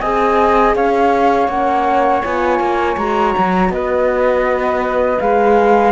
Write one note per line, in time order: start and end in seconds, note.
0.00 0.76 C4
0.00 1.51 G#4
0.00 0.75 D#5
0.00 0.74 G#5
0.76 1.48 C#4
0.76 3.73 C#5
0.76 1.49 F5
1.48 2.22 A#3
1.48 2.24 C#4
1.48 2.23 F#5
2.24 2.60 B3
2.24 2.97 F4
2.24 2.98 G#5
2.60 2.97 A#3
2.97 3.34 G#3
2.97 5.19 F#4
2.97 3.72 A#5
3.38 3.70 F#3
3.70 5.18 B3
3.70 5.93 B4
3.70 5.20 D#5
5.20 5.93 G#3
5.20 5.93 G#4
5.20 5.93 F5